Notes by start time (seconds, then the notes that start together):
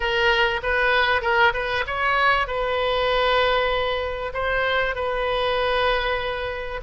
0.00 A#4
0.62 B4
1.21 A#4
1.53 B4
1.86 C#5
2.47 B4
4.33 C5
4.95 B4